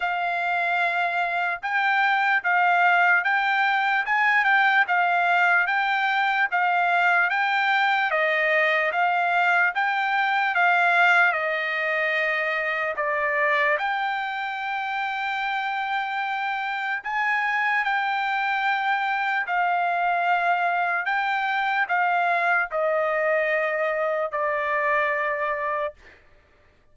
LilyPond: \new Staff \with { instrumentName = "trumpet" } { \time 4/4 \tempo 4 = 74 f''2 g''4 f''4 | g''4 gis''8 g''8 f''4 g''4 | f''4 g''4 dis''4 f''4 | g''4 f''4 dis''2 |
d''4 g''2.~ | g''4 gis''4 g''2 | f''2 g''4 f''4 | dis''2 d''2 | }